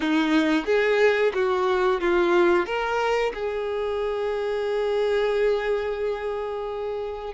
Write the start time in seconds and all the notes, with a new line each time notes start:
0.00 D#4
0.65 G#4
1.34 F#4
2.00 F4
2.65 A#4
3.34 G#4